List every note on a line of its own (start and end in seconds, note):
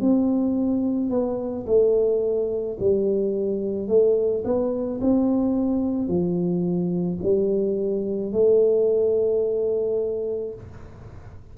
0.00 1.10 C4
1.10 1.65 B3
1.66 2.77 A3
2.79 3.88 G3
3.88 4.43 A3
4.44 4.99 B3
5.01 6.08 C4
6.08 7.19 F3
7.22 8.32 G3
8.32 10.54 A3